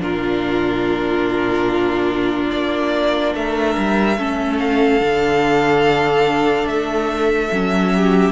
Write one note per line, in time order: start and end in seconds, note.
0.00 2.51 A#2
0.00 4.17 D4
0.00 3.36 F4
0.00 2.51 A#4
2.51 3.35 A#3
2.51 3.34 D5
3.35 3.77 A3
3.35 4.19 A#4
3.35 4.60 E5
3.78 4.18 G3
4.18 5.01 A3
4.18 5.01 C#4
4.18 7.94 A4
4.60 6.68 F5
5.01 6.66 D3
5.01 7.51 D4
6.66 7.49 A3
6.66 8.32 E5
7.52 8.32 F#3
7.52 8.32 C#4
7.95 8.32 G4